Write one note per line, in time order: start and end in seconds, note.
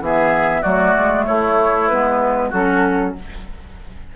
0.00 0.62 E3
0.00 0.63 B3
0.00 0.62 G#4
0.00 0.62 E5
0.62 0.95 F#3
0.62 1.88 A3
0.62 1.24 F#4
0.62 1.25 D5
0.97 1.28 G#3
1.26 1.90 A3
1.26 2.49 E4
1.26 1.88 C#5
1.88 2.53 G#3
1.88 2.53 B3
1.88 2.50 B4
2.49 3.15 F#3
2.49 3.15 C#4
2.49 3.12 F#4
2.49 3.15 A4